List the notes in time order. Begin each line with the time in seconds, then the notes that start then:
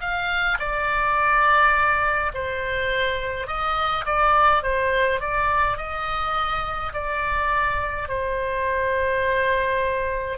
0.00 F5
0.59 D5
2.34 C5
3.47 D#5
4.05 D5
4.63 C5
5.20 D5
5.77 D#5
6.93 D5
8.08 C5